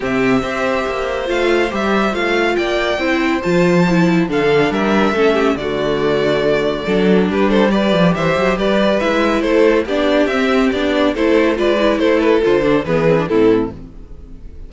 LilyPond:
<<
  \new Staff \with { instrumentName = "violin" } { \time 4/4 \tempo 4 = 140 e''2. f''4 | e''4 f''4 g''2 | a''2 f''4 e''4~ | e''4 d''2.~ |
d''4 b'8 c''8 d''4 e''4 | d''4 e''4 c''4 d''4 | e''4 d''4 c''4 d''4 | c''8 b'8 c''4 b'4 a'4 | }
  \new Staff \with { instrumentName = "violin" } { \time 4/4 g'4 c''2.~ | c''2 d''4 c''4~ | c''2 a'4 ais'4 | a'8 g'8 fis'2. |
a'4 g'8 a'8 b'4 c''4 | b'2 a'4 g'4~ | g'2 a'4 b'4 | a'2 gis'4 e'4 | }
  \new Staff \with { instrumentName = "viola" } { \time 4/4 c'4 g'2 f'4 | g'4 f'2 e'4 | f'4 e'4 d'2 | cis'4 a2. |
d'2 g'2~ | g'4 e'2 d'4 | c'4 d'4 e'4 f'8 e'8~ | e'4 f'8 d'8 b8 c'16 d'16 c'4 | }
  \new Staff \with { instrumentName = "cello" } { \time 4/4 c4 c'4 ais4 a4 | g4 a4 ais4 c'4 | f2 d4 g4 | a4 d2. |
fis4 g4. f8 e8 fis8 | g4 gis4 a4 b4 | c'4 b4 a4 gis4 | a4 d4 e4 a,4 | }
>>